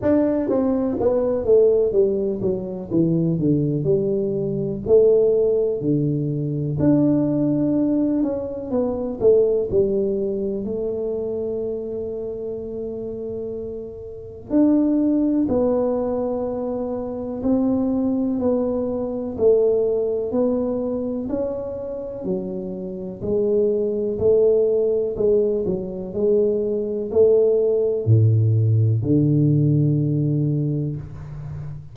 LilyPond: \new Staff \with { instrumentName = "tuba" } { \time 4/4 \tempo 4 = 62 d'8 c'8 b8 a8 g8 fis8 e8 d8 | g4 a4 d4 d'4~ | d'8 cis'8 b8 a8 g4 a4~ | a2. d'4 |
b2 c'4 b4 | a4 b4 cis'4 fis4 | gis4 a4 gis8 fis8 gis4 | a4 a,4 d2 | }